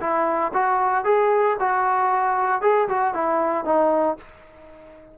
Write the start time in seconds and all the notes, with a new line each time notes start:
0.00 E4
0.54 F#4
1.05 G#4
1.60 F#4
2.62 G#4
2.88 F#4
3.14 E4
3.65 D#4